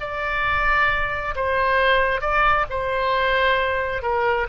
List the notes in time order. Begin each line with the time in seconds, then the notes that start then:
0.00 D5
1.35 C5
2.21 D5
2.69 C5
4.02 A#4